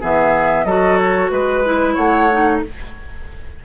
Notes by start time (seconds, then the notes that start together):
0.00 E3 B3 G#4 E5
0.64 F#3 F#4 A4 D#5
0.97 C#5
1.30 G#3 B4
1.64 E4
1.94 A3 C#5 F#5
2.32 D#4